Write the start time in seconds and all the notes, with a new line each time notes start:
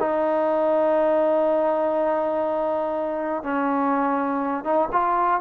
0.00 D#4
3.43 C#4
4.64 D#4
4.92 F4